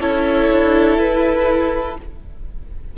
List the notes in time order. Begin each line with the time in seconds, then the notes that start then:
0.00 C#4 E4 A4 C#5
0.51 D4
0.97 E4 B4